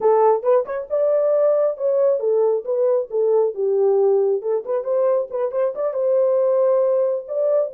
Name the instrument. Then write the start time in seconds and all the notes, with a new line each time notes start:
horn
0.01 A4
0.43 B4
0.65 C#5
0.89 D5
1.77 C#5
2.19 A4
2.64 B4
3.10 A4
3.54 G4
4.42 A4
4.65 B4
4.84 C5
5.30 B4
5.51 C5
5.75 D5
5.93 C5
7.28 D5